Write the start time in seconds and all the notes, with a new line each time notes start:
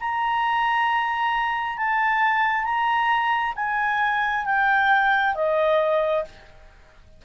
0.00 A#5
1.77 A5
2.64 A#5
3.55 G#5
4.45 G5
5.34 D#5